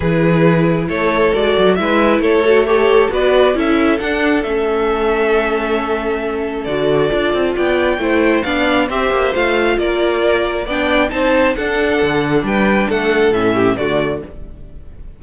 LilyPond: <<
  \new Staff \with { instrumentName = "violin" } { \time 4/4 \tempo 4 = 135 b'2 cis''4 d''4 | e''4 cis''4 a'4 d''4 | e''4 fis''4 e''2~ | e''2. d''4~ |
d''4 g''2 f''4 | e''4 f''4 d''2 | g''4 a''4 fis''2 | g''4 fis''4 e''4 d''4 | }
  \new Staff \with { instrumentName = "violin" } { \time 4/4 gis'2 a'2 | b'4 a'4 cis''4 b'4 | a'1~ | a'1~ |
a'4 d''4 c''4 d''4 | c''2 ais'2 | d''4 c''4 a'2 | b'4 a'4. g'8 fis'4 | }
  \new Staff \with { instrumentName = "viola" } { \time 4/4 e'2. fis'4 | e'4. fis'8 g'4 fis'4 | e'4 d'4 cis'2~ | cis'2. fis'4 |
f'2 e'4 d'4 | g'4 f'2. | d'4 dis'4 d'2~ | d'2 cis'4 a4 | }
  \new Staff \with { instrumentName = "cello" } { \time 4/4 e2 a4 gis8 fis8 | gis4 a2 b4 | cis'4 d'4 a2~ | a2. d4 |
d'8 c'8 b4 a4 b4 | c'8 ais8 a4 ais2 | b4 c'4 d'4 d4 | g4 a4 a,4 d4 | }
>>